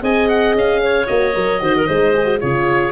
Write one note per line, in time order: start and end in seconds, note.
0.00 0.54 C4
0.00 1.06 G#4
0.00 0.82 D#5
0.00 0.28 G#5
0.28 0.55 F#5
0.54 1.07 C#4
0.54 1.07 F5
0.82 1.62 C#5
1.06 1.35 A#3
1.06 1.33 F#4
1.06 2.39 D#5
1.34 1.61 F#3
1.34 1.59 A#4
1.59 1.88 D#3
1.59 1.86 F#4
1.59 1.75 C5
1.77 1.87 A#4
1.87 2.42 G#3
1.87 2.14 D#4
1.87 2.40 C5
2.14 2.24 G#4
2.24 2.37 F#4
2.39 2.91 C#3
2.39 2.91 F4
2.39 2.91 G#4
2.39 2.91 C#5